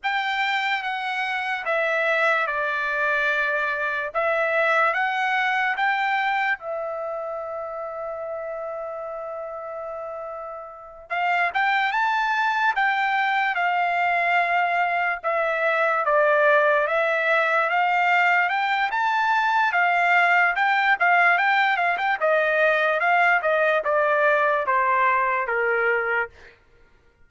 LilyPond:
\new Staff \with { instrumentName = "trumpet" } { \time 4/4 \tempo 4 = 73 g''4 fis''4 e''4 d''4~ | d''4 e''4 fis''4 g''4 | e''1~ | e''4. f''8 g''8 a''4 g''8~ |
g''8 f''2 e''4 d''8~ | d''8 e''4 f''4 g''8 a''4 | f''4 g''8 f''8 g''8 f''16 g''16 dis''4 | f''8 dis''8 d''4 c''4 ais'4 | }